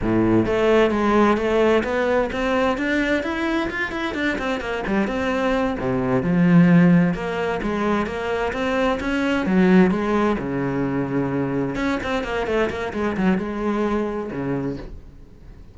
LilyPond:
\new Staff \with { instrumentName = "cello" } { \time 4/4 \tempo 4 = 130 a,4 a4 gis4 a4 | b4 c'4 d'4 e'4 | f'8 e'8 d'8 c'8 ais8 g8 c'4~ | c'8 c4 f2 ais8~ |
ais8 gis4 ais4 c'4 cis'8~ | cis'8 fis4 gis4 cis4.~ | cis4. cis'8 c'8 ais8 a8 ais8 | gis8 fis8 gis2 cis4 | }